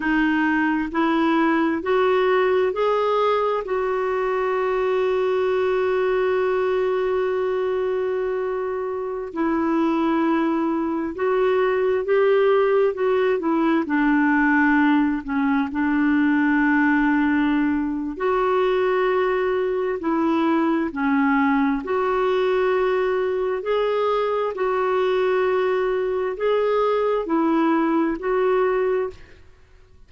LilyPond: \new Staff \with { instrumentName = "clarinet" } { \time 4/4 \tempo 4 = 66 dis'4 e'4 fis'4 gis'4 | fis'1~ | fis'2~ fis'16 e'4.~ e'16~ | e'16 fis'4 g'4 fis'8 e'8 d'8.~ |
d'8. cis'8 d'2~ d'8. | fis'2 e'4 cis'4 | fis'2 gis'4 fis'4~ | fis'4 gis'4 e'4 fis'4 | }